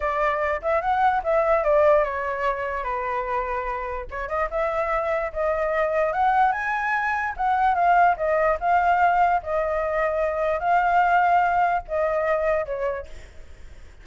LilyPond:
\new Staff \with { instrumentName = "flute" } { \time 4/4 \tempo 4 = 147 d''4. e''8 fis''4 e''4 | d''4 cis''2 b'4~ | b'2 cis''8 dis''8 e''4~ | e''4 dis''2 fis''4 |
gis''2 fis''4 f''4 | dis''4 f''2 dis''4~ | dis''2 f''2~ | f''4 dis''2 cis''4 | }